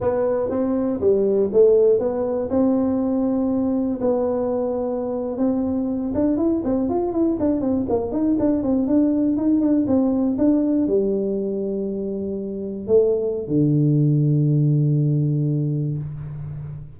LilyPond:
\new Staff \with { instrumentName = "tuba" } { \time 4/4 \tempo 4 = 120 b4 c'4 g4 a4 | b4 c'2. | b2~ b8. c'4~ c'16~ | c'16 d'8 e'8 c'8 f'8 e'8 d'8 c'8 ais16~ |
ais16 dis'8 d'8 c'8 d'4 dis'8 d'8 c'16~ | c'8. d'4 g2~ g16~ | g4.~ g16 a4~ a16 d4~ | d1 | }